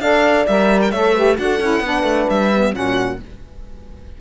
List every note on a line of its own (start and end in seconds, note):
0.00 0.45 D4
0.00 0.48 A4
0.00 0.92 D5
0.00 0.46 F5
0.47 0.93 G3
0.47 0.94 A#4
0.47 0.81 E5
0.82 0.91 G5
0.91 1.38 A3
0.91 1.16 A4
0.91 1.14 C#5
0.91 1.37 E5
1.14 1.36 G4
1.14 1.37 B4
1.36 1.60 D4
1.36 1.59 F#4
1.36 1.85 A4
1.36 2.29 F#5
1.60 1.80 C#4
1.60 1.84 E4
1.80 2.03 B3
1.80 2.52 D4
1.80 2.75 B4
2.03 2.26 A3
2.29 2.74 G3
2.29 2.75 E5
2.54 2.74 B3
2.74 3.20 A#2
2.74 3.19 C#4
2.74 3.21 F#4
2.74 3.21 F#5